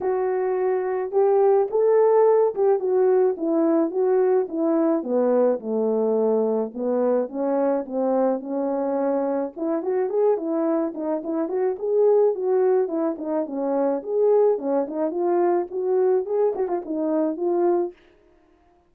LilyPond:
\new Staff \with { instrumentName = "horn" } { \time 4/4 \tempo 4 = 107 fis'2 g'4 a'4~ | a'8 g'8 fis'4 e'4 fis'4 | e'4 b4 a2 | b4 cis'4 c'4 cis'4~ |
cis'4 e'8 fis'8 gis'8 e'4 dis'8 | e'8 fis'8 gis'4 fis'4 e'8 dis'8 | cis'4 gis'4 cis'8 dis'8 f'4 | fis'4 gis'8 fis'16 f'16 dis'4 f'4 | }